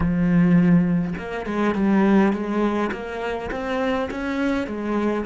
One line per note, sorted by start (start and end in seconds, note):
0.00 1.14 F3
1.18 1.46 A#3
1.46 1.74 G#3
1.74 2.32 G3
2.32 2.90 G#3
2.92 3.50 A#3
3.51 4.09 C4
4.10 4.66 C#4
4.66 5.25 G#3